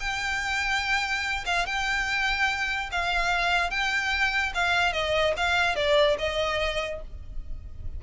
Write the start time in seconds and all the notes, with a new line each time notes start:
0.00 G5
1.46 F5
1.66 G5
2.92 F5
3.70 G5
4.55 F5
4.93 D#5
5.37 F5
5.76 D5
6.19 D#5